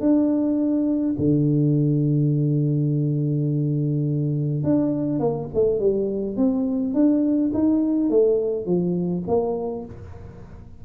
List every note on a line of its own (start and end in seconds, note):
0.00 1.15 D4
1.18 4.63 D3
4.63 5.19 D4
5.19 5.48 A#3
5.54 5.79 A3
5.79 6.37 G3
6.37 6.94 C4
6.94 7.51 D4
7.54 8.10 D#4
8.10 8.66 A3
8.66 9.23 F3
9.27 9.85 A#3